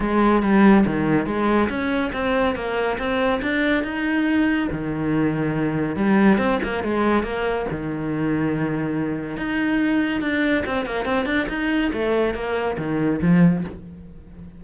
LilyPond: \new Staff \with { instrumentName = "cello" } { \time 4/4 \tempo 4 = 141 gis4 g4 dis4 gis4 | cis'4 c'4 ais4 c'4 | d'4 dis'2 dis4~ | dis2 g4 c'8 ais8 |
gis4 ais4 dis2~ | dis2 dis'2 | d'4 c'8 ais8 c'8 d'8 dis'4 | a4 ais4 dis4 f4 | }